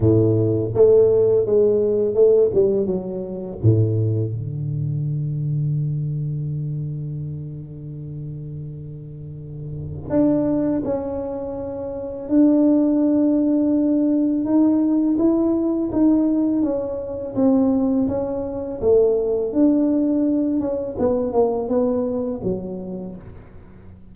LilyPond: \new Staff \with { instrumentName = "tuba" } { \time 4/4 \tempo 4 = 83 a,4 a4 gis4 a8 g8 | fis4 a,4 d2~ | d1~ | d2 d'4 cis'4~ |
cis'4 d'2. | dis'4 e'4 dis'4 cis'4 | c'4 cis'4 a4 d'4~ | d'8 cis'8 b8 ais8 b4 fis4 | }